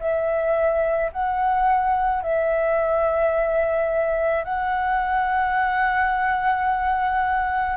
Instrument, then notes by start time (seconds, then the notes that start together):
flute
0.00 E5
1.13 F#5
2.23 E5
4.44 F#5